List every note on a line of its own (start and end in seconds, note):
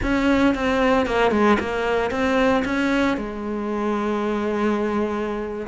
0.02 0.54 C#4
0.54 1.06 C4
1.06 1.31 A#3
1.31 1.57 G#3
1.59 2.11 A#3
2.11 2.63 C4
2.65 3.17 C#4
3.17 5.67 G#3